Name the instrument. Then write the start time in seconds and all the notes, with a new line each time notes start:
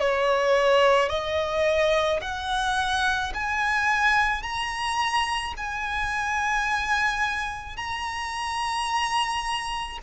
violin
0.00 C#5
1.09 D#5
2.22 F#5
3.34 G#5
4.43 A#5
5.57 G#5
7.77 A#5